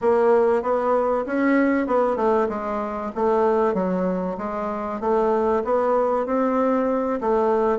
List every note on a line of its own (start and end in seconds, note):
0.01 0.62 A#3
0.62 1.24 B3
1.26 1.87 C#4
1.87 2.16 B3
2.16 2.47 A3
2.49 3.11 G#3
3.15 3.73 A3
3.73 4.36 F#3
4.38 5.00 G#3
5.00 5.62 A3
5.64 6.26 B3
6.26 7.20 C4
7.20 7.78 A3